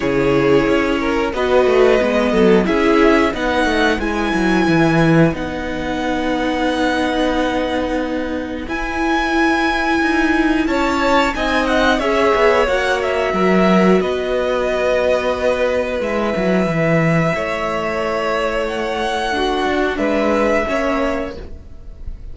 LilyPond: <<
  \new Staff \with { instrumentName = "violin" } { \time 4/4 \tempo 4 = 90 cis''2 dis''2 | e''4 fis''4 gis''2 | fis''1~ | fis''4 gis''2. |
a''4 gis''8 fis''8 e''4 fis''8 e''8~ | e''4 dis''2. | e''1 | fis''2 e''2 | }
  \new Staff \with { instrumentName = "violin" } { \time 4/4 gis'4. ais'8 b'4. a'8 | gis'4 b'2.~ | b'1~ | b'1 |
cis''4 dis''4 cis''2 | ais'4 b'2.~ | b'2 cis''2~ | cis''4 fis'4 b'4 cis''4 | }
  \new Staff \with { instrumentName = "viola" } { \time 4/4 e'2 fis'4 b4 | e'4 dis'4 e'2 | dis'1~ | dis'4 e'2.~ |
e'4 dis'4 gis'4 fis'4~ | fis'1 | e'1~ | e'4 d'2 cis'4 | }
  \new Staff \with { instrumentName = "cello" } { \time 4/4 cis4 cis'4 b8 a8 gis8 fis8 | cis'4 b8 a8 gis8 fis8 e4 | b1~ | b4 e'2 dis'4 |
cis'4 c'4 cis'8 b8 ais4 | fis4 b2. | gis8 fis8 e4 a2~ | a4. d'8 gis4 ais4 | }
>>